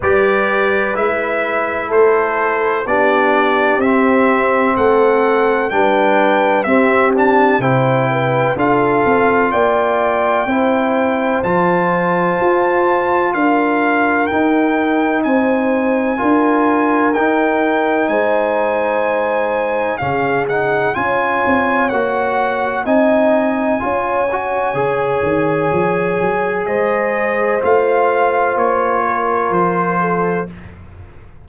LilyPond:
<<
  \new Staff \with { instrumentName = "trumpet" } { \time 4/4 \tempo 4 = 63 d''4 e''4 c''4 d''4 | e''4 fis''4 g''4 e''8 a''8 | g''4 f''4 g''2 | a''2 f''4 g''4 |
gis''2 g''4 gis''4~ | gis''4 f''8 fis''8 gis''4 fis''4 | gis''1 | dis''4 f''4 cis''4 c''4 | }
  \new Staff \with { instrumentName = "horn" } { \time 4/4 b'2 a'4 g'4~ | g'4 a'4 b'4 g'4 | c''8 b'8 a'4 d''4 c''4~ | c''2 ais'2 |
c''4 ais'2 c''4~ | c''4 gis'4 cis''2 | dis''4 cis''2. | c''2~ c''8 ais'4 a'8 | }
  \new Staff \with { instrumentName = "trombone" } { \time 4/4 g'4 e'2 d'4 | c'2 d'4 c'8 d'8 | e'4 f'2 e'4 | f'2. dis'4~ |
dis'4 f'4 dis'2~ | dis'4 cis'8 dis'8 f'4 fis'4 | dis'4 f'8 fis'8 gis'2~ | gis'4 f'2. | }
  \new Staff \with { instrumentName = "tuba" } { \time 4/4 g4 gis4 a4 b4 | c'4 a4 g4 c'4 | c4 d'8 c'8 ais4 c'4 | f4 f'4 d'4 dis'4 |
c'4 d'4 dis'4 gis4~ | gis4 cis4 cis'8 c'8 ais4 | c'4 cis'4 cis8 dis8 f8 fis8 | gis4 a4 ais4 f4 | }
>>